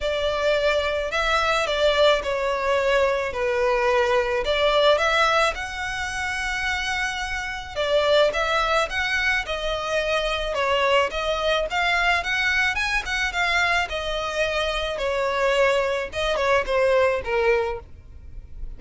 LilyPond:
\new Staff \with { instrumentName = "violin" } { \time 4/4 \tempo 4 = 108 d''2 e''4 d''4 | cis''2 b'2 | d''4 e''4 fis''2~ | fis''2 d''4 e''4 |
fis''4 dis''2 cis''4 | dis''4 f''4 fis''4 gis''8 fis''8 | f''4 dis''2 cis''4~ | cis''4 dis''8 cis''8 c''4 ais'4 | }